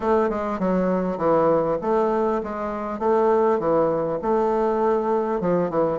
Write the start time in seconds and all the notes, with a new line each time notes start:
0.00 A3
0.29 G#3
0.59 F#3
1.17 E3
1.81 A3
2.43 G#3
2.99 A3
3.59 E3
4.21 A3
5.40 F3
5.70 E3